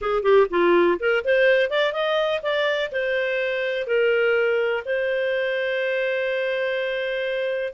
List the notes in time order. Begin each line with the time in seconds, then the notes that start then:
0.01 G#4
0.22 G4
0.50 F4
0.99 A#4
1.24 C5
1.69 D5
1.92 D#5
2.42 D5
2.91 C5
3.86 A#4
4.85 C5